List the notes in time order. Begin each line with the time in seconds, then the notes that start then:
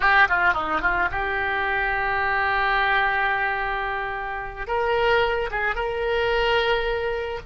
0.00 G4
0.29 F4
0.53 D#4
0.81 F4
1.11 G4
4.67 A#4
5.50 G#4
5.75 A#4